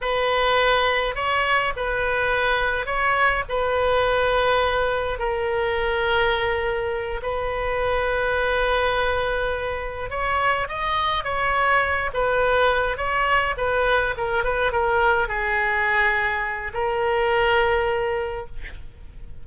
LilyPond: \new Staff \with { instrumentName = "oboe" } { \time 4/4 \tempo 4 = 104 b'2 cis''4 b'4~ | b'4 cis''4 b'2~ | b'4 ais'2.~ | ais'8 b'2.~ b'8~ |
b'4. cis''4 dis''4 cis''8~ | cis''4 b'4. cis''4 b'8~ | b'8 ais'8 b'8 ais'4 gis'4.~ | gis'4 ais'2. | }